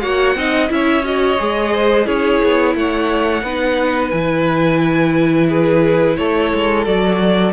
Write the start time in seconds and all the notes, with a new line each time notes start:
0.00 A#3 F#4 C#5 F#5
0.36 C4 D#4 D#5
0.69 C#4 E4 E5
0.75 C#5
1.04 F#4 D#5
1.38 G#3 G#4
1.73 C5
2.05 C#4 E4 G#4 C#5
2.44 B3
2.75 A3 C#5 F#5
3.43 B3 D#4 B4
4.11 E3 E4 G#5
5.48 G#4 B4
6.17 A3 A4 C#5
6.54 G#3
6.86 F#3 F#4 D5